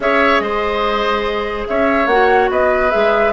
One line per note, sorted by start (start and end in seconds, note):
0.00 0.39 C#4
0.00 2.09 G#4
0.00 0.42 C#5
0.00 0.39 E5
0.39 1.64 G#3
0.39 1.67 C5
0.39 1.64 D#5
1.67 2.06 C#4
1.67 2.51 C#5
1.67 2.07 E5
2.06 2.48 A#3
2.06 2.90 F#4
2.06 2.48 F#5
2.50 2.92 B3
2.50 3.32 B4
2.50 2.90 D#5
2.90 3.32 G#3
2.90 3.31 G#4
2.90 3.32 E5